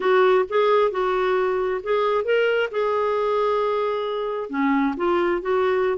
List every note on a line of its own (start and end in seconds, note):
0.00 0.45 F#4
0.49 0.91 G#4
0.91 1.81 F#4
1.83 2.24 G#4
2.24 2.69 A#4
2.71 4.49 G#4
4.49 4.94 C#4
4.96 5.41 F4
5.41 5.98 F#4